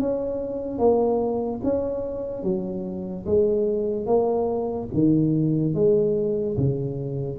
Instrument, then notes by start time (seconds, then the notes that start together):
tuba
0.00 C#4
0.79 A#3
1.63 C#4
2.43 F#3
3.26 G#3
4.06 A#3
4.94 D#3
5.75 G#3
6.57 C#3